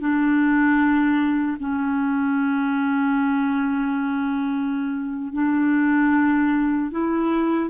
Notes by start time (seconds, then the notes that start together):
0.00 D4
1.60 C#4
5.33 D4
6.92 E4